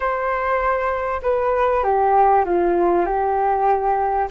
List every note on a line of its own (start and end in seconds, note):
0.00 1.21 C5
1.22 1.83 B4
1.83 2.44 G4
2.45 3.05 F4
3.05 4.28 G4